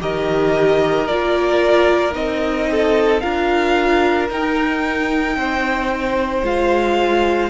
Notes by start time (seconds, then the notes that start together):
0.00 D#3 G4 A#4 D#5
1.07 A#3 F4 D5
2.12 C4 D#4 D#5
2.72 A4
3.21 D4 F4 A#4 F5
4.30 D#4 G5
5.37 C4 C5
6.43 G#3 F4 F5